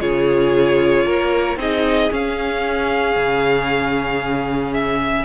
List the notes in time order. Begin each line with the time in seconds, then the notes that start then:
0.00 C#3 F4 G#4 C#5
1.06 A#3 A#4
1.56 C4 D#4 G#4 D#5
2.11 C#4 F5
3.17 C#3
4.74 E5